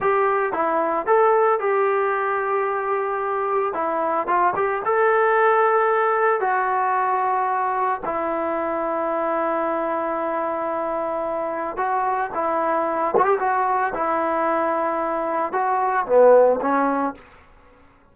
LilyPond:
\new Staff \with { instrumentName = "trombone" } { \time 4/4 \tempo 4 = 112 g'4 e'4 a'4 g'4~ | g'2. e'4 | f'8 g'8 a'2. | fis'2. e'4~ |
e'1~ | e'2 fis'4 e'4~ | e'8 fis'16 g'16 fis'4 e'2~ | e'4 fis'4 b4 cis'4 | }